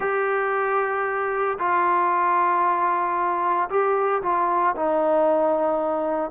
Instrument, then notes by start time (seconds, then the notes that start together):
trombone
0.00 G4
1.58 F4
3.69 G4
4.22 F4
4.76 D#4